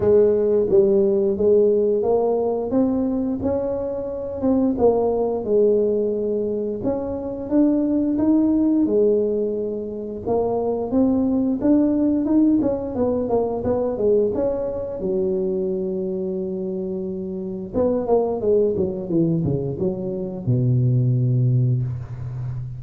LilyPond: \new Staff \with { instrumentName = "tuba" } { \time 4/4 \tempo 4 = 88 gis4 g4 gis4 ais4 | c'4 cis'4. c'8 ais4 | gis2 cis'4 d'4 | dis'4 gis2 ais4 |
c'4 d'4 dis'8 cis'8 b8 ais8 | b8 gis8 cis'4 fis2~ | fis2 b8 ais8 gis8 fis8 | e8 cis8 fis4 b,2 | }